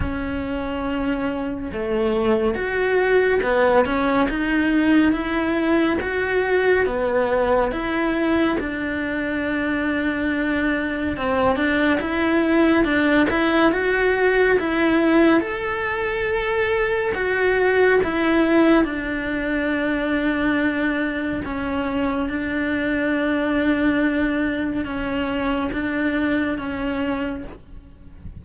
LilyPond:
\new Staff \with { instrumentName = "cello" } { \time 4/4 \tempo 4 = 70 cis'2 a4 fis'4 | b8 cis'8 dis'4 e'4 fis'4 | b4 e'4 d'2~ | d'4 c'8 d'8 e'4 d'8 e'8 |
fis'4 e'4 a'2 | fis'4 e'4 d'2~ | d'4 cis'4 d'2~ | d'4 cis'4 d'4 cis'4 | }